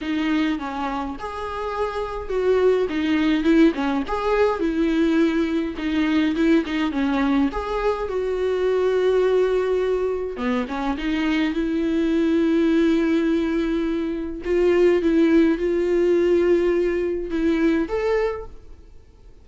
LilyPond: \new Staff \with { instrumentName = "viola" } { \time 4/4 \tempo 4 = 104 dis'4 cis'4 gis'2 | fis'4 dis'4 e'8 cis'8 gis'4 | e'2 dis'4 e'8 dis'8 | cis'4 gis'4 fis'2~ |
fis'2 b8 cis'8 dis'4 | e'1~ | e'4 f'4 e'4 f'4~ | f'2 e'4 a'4 | }